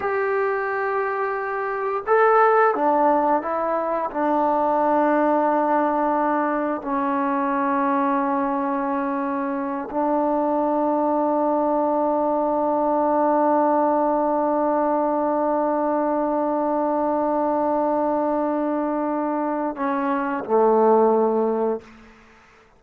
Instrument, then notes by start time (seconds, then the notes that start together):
trombone
0.00 G4
2.06 A4
2.74 D4
3.42 E4
4.11 D4
6.82 C#4
9.90 D4
19.75 C#4
20.44 A3